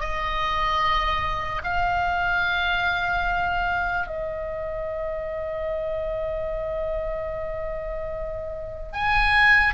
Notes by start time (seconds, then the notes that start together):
0.00 D#5
1.64 F5
4.07 D#5
8.93 G#5